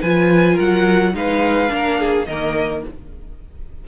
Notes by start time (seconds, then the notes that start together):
0.00 F3 F4 B4 G#5
0.54 A#4 F#5
0.60 F#3
1.13 G#3 D#4 B4 F5
1.67 A#3 D4 A#4
1.99 G#4
2.25 D#3 A#3 A#4 D#5